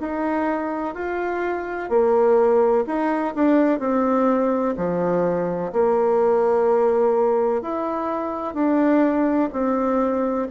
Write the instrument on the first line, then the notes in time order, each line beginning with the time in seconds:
bassoon
0.00 D#4
0.94 F4
1.89 A#3
2.86 D#4
3.35 D4
3.79 C4
4.77 F3
5.73 A#3
7.61 E4
8.54 D4
9.52 C4